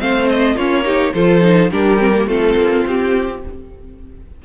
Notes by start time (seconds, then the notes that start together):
0.00 A3 C4 C5 F5
0.29 D#5
0.55 A#3 C#4 F4 C#5
0.84 D#4 G4
1.14 F3 F4 A4 C5
1.42 D#4
1.70 G3 D4 G4 A#4
1.99 C4
2.14 A#3
2.27 A3 C4 F4 A4
2.56 A#3
2.86 C4 G4